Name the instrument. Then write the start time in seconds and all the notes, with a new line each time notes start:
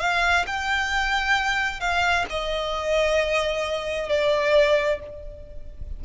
violin
0.00 F5
0.46 G5
1.80 F5
2.30 D#5
4.09 D5